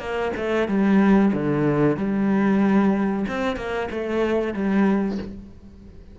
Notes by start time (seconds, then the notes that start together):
0.00 A#3
0.37 A3
0.68 G3
1.34 D3
1.97 G3
3.28 C4
3.57 A#3
3.91 A3
4.54 G3